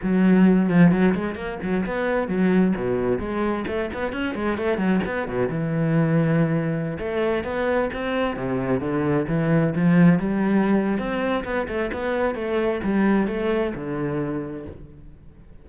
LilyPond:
\new Staff \with { instrumentName = "cello" } { \time 4/4 \tempo 4 = 131 fis4. f8 fis8 gis8 ais8 fis8 | b4 fis4 b,4 gis4 | a8 b8 cis'8 gis8 a8 fis8 b8 b,8 | e2.~ e16 a8.~ |
a16 b4 c'4 c4 d8.~ | d16 e4 f4 g4.~ g16 | c'4 b8 a8 b4 a4 | g4 a4 d2 | }